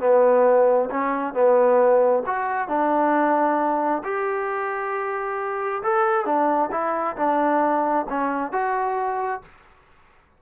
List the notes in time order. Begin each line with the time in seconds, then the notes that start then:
0.00 B3
0.90 C#4
1.34 B3
2.26 F#4
2.68 D4
4.04 G4
5.83 A4
6.25 D4
6.71 E4
7.17 D4
8.09 C#4
8.52 F#4